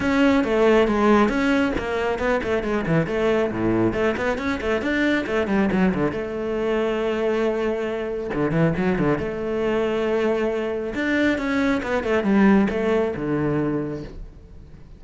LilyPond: \new Staff \with { instrumentName = "cello" } { \time 4/4 \tempo 4 = 137 cis'4 a4 gis4 cis'4 | ais4 b8 a8 gis8 e8 a4 | a,4 a8 b8 cis'8 a8 d'4 | a8 g8 fis8 d8 a2~ |
a2. d8 e8 | fis8 d8 a2.~ | a4 d'4 cis'4 b8 a8 | g4 a4 d2 | }